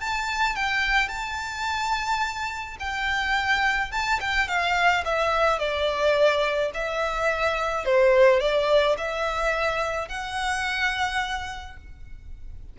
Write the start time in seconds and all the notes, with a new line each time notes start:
0.00 A5
0.56 G5
1.09 A5
2.80 G5
3.92 A5
4.20 G5
4.48 F5
5.05 E5
5.59 D5
6.74 E5
7.85 C5
8.40 D5
8.97 E5
10.09 F#5